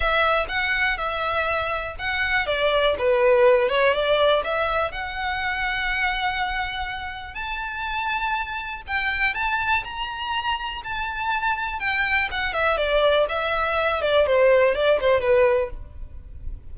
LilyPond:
\new Staff \with { instrumentName = "violin" } { \time 4/4 \tempo 4 = 122 e''4 fis''4 e''2 | fis''4 d''4 b'4. cis''8 | d''4 e''4 fis''2~ | fis''2. a''4~ |
a''2 g''4 a''4 | ais''2 a''2 | g''4 fis''8 e''8 d''4 e''4~ | e''8 d''8 c''4 d''8 c''8 b'4 | }